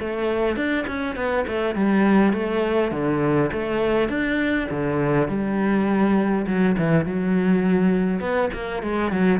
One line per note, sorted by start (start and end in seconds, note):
0.00 0.56 A3
0.56 0.86 D4
0.87 1.16 C#4
1.16 1.45 B3
1.48 1.75 A3
1.75 2.33 G3
2.33 2.92 A3
2.92 3.51 D3
3.53 4.09 A3
4.09 4.68 D4
4.71 5.28 D3
5.28 6.46 G3
6.47 6.76 F#3
6.78 7.06 E3
7.06 8.20 F#3
8.20 8.50 B3
8.54 8.83 A#3
8.83 9.12 G#3
9.12 9.40 F#3